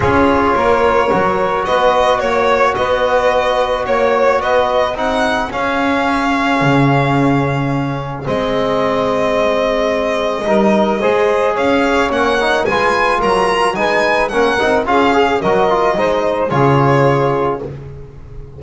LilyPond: <<
  \new Staff \with { instrumentName = "violin" } { \time 4/4 \tempo 4 = 109 cis''2. dis''4 | cis''4 dis''2 cis''4 | dis''4 fis''4 f''2~ | f''2. dis''4~ |
dis''1~ | dis''4 f''4 fis''4 gis''4 | ais''4 gis''4 fis''4 f''4 | dis''2 cis''2 | }
  \new Staff \with { instrumentName = "saxophone" } { \time 4/4 gis'4 ais'2 b'4 | cis''4 b'2 cis''4 | b'4 gis'2.~ | gis'1~ |
gis'2. ais'4 | c''4 cis''2 b'4 | ais'4 b'4 ais'4 gis'4 | ais'4 c''4 gis'2 | }
  \new Staff \with { instrumentName = "trombone" } { \time 4/4 f'2 fis'2~ | fis'1~ | fis'4 dis'4 cis'2~ | cis'2. c'4~ |
c'2. dis'4 | gis'2 cis'8 dis'8 f'4~ | f'4 dis'4 cis'8 dis'8 f'8 gis'8 | fis'8 f'8 dis'4 f'2 | }
  \new Staff \with { instrumentName = "double bass" } { \time 4/4 cis'4 ais4 fis4 b4 | ais4 b2 ais4 | b4 c'4 cis'2 | cis2. gis4~ |
gis2. g4 | gis4 cis'4 ais4 gis4 | fis4 gis4 ais8 c'8 cis'4 | fis4 gis4 cis2 | }
>>